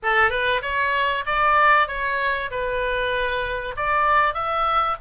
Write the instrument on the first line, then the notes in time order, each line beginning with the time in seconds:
oboe
0.02 A4
0.30 B4
0.62 C#5
1.26 D5
1.88 C#5
2.50 B4
3.76 D5
4.34 E5